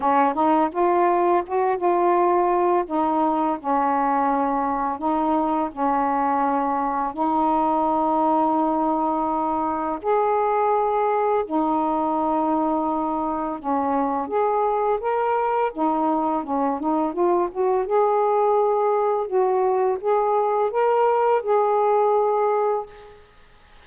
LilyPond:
\new Staff \with { instrumentName = "saxophone" } { \time 4/4 \tempo 4 = 84 cis'8 dis'8 f'4 fis'8 f'4. | dis'4 cis'2 dis'4 | cis'2 dis'2~ | dis'2 gis'2 |
dis'2. cis'4 | gis'4 ais'4 dis'4 cis'8 dis'8 | f'8 fis'8 gis'2 fis'4 | gis'4 ais'4 gis'2 | }